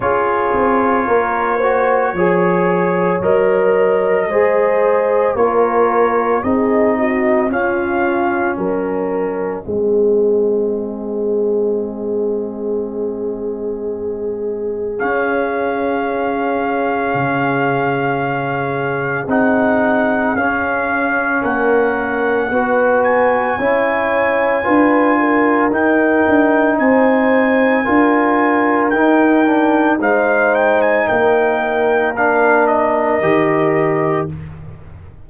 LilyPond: <<
  \new Staff \with { instrumentName = "trumpet" } { \time 4/4 \tempo 4 = 56 cis''2. dis''4~ | dis''4 cis''4 dis''4 f''4 | dis''1~ | dis''2 f''2~ |
f''2 fis''4 f''4 | fis''4. gis''2~ gis''8 | g''4 gis''2 g''4 | f''8 g''16 gis''16 g''4 f''8 dis''4. | }
  \new Staff \with { instrumentName = "horn" } { \time 4/4 gis'4 ais'8 c''8 cis''2 | c''4 ais'4 gis'8 fis'8 f'4 | ais'4 gis'2.~ | gis'1~ |
gis'1 | ais'4 b'4 cis''4 b'8 ais'8~ | ais'4 c''4 ais'2 | c''4 ais'2. | }
  \new Staff \with { instrumentName = "trombone" } { \time 4/4 f'4. fis'8 gis'4 ais'4 | gis'4 f'4 dis'4 cis'4~ | cis'4 c'2.~ | c'2 cis'2~ |
cis'2 dis'4 cis'4~ | cis'4 fis'4 e'4 f'4 | dis'2 f'4 dis'8 d'8 | dis'2 d'4 g'4 | }
  \new Staff \with { instrumentName = "tuba" } { \time 4/4 cis'8 c'8 ais4 f4 fis4 | gis4 ais4 c'4 cis'4 | fis4 gis2.~ | gis2 cis'2 |
cis2 c'4 cis'4 | ais4 b4 cis'4 d'4 | dis'8 d'8 c'4 d'4 dis'4 | gis4 ais2 dis4 | }
>>